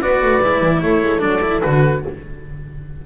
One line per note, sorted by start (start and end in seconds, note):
0.00 0.22 B3
0.00 0.41 F#4
0.00 0.81 B4
0.00 0.82 D5
0.22 0.42 A3
0.41 0.60 G#3
0.41 1.19 E4
0.60 0.81 E3
0.82 1.03 A3
0.82 2.04 A4
0.82 1.21 C#5
1.03 1.21 G#3
1.19 1.62 F#3
1.19 1.39 D4
1.19 1.61 D5
1.41 1.62 E4
1.61 2.05 D3
1.61 2.02 F#4
1.61 2.01 B4